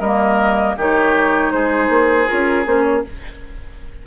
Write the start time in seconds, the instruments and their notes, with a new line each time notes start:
0.00 bassoon G3, clarinet A#3, oboe A#4, flute D#5
0.77 bassoon D#3, clarinet D#4, oboe G4, flute C#5
1.52 bassoon G#3, oboe G#4, flute C5
1.89 bassoon A#3
2.28 bassoon C#4, clarinet F4, flute A#4
2.65 bassoon A#3, clarinet C#4, flute C5
2.84 flute C#5